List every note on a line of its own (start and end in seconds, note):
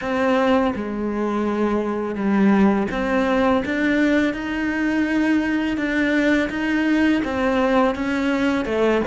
0.01 0.73 C4
0.75 2.15 G#3
2.15 2.87 G3
2.91 3.63 C4
3.65 4.33 D4
4.33 5.77 D#4
5.77 6.49 D4
6.49 7.22 D#4
7.24 7.95 C4
7.95 8.65 C#4
8.65 9.01 A3